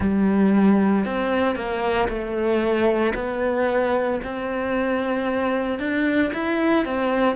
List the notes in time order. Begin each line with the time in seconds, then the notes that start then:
0.00 G3
1.05 C4
1.55 A#3
2.08 A3
3.14 B3
4.23 C4
5.79 D4
6.33 E4
6.85 C4